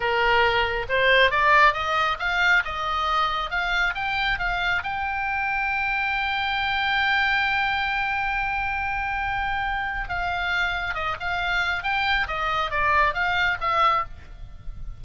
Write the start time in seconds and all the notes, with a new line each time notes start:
0.00 A#4
0.88 C5
1.30 D5
1.73 D#5
2.19 F5
2.64 D#5
3.50 F5
3.94 G5
4.39 F5
4.83 G5
10.08 F5
10.94 D#5
11.20 F5
11.83 G5
12.27 D#5
12.70 D5
13.14 F5
13.60 E5